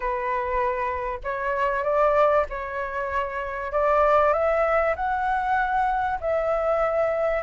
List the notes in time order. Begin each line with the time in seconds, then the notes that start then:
0.00 B4
1.23 C#5
1.83 D5
2.49 C#5
3.72 D5
4.33 E5
4.95 F#5
6.20 E5